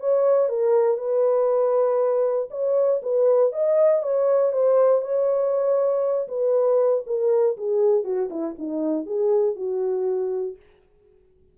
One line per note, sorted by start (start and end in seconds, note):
0.00 0.49 C#5
0.49 0.97 A#4
0.97 2.48 B4
2.50 3.01 C#5
3.02 3.52 B4
3.52 4.02 D#5
4.02 4.52 C#5
4.52 5.01 C5
5.01 6.28 C#5
6.28 7.03 B4
7.06 7.57 A#4
7.57 8.04 G#4
8.04 8.29 F#4
8.30 8.55 E4
8.58 9.06 D#4
9.06 9.55 G#4
9.55 10.56 F#4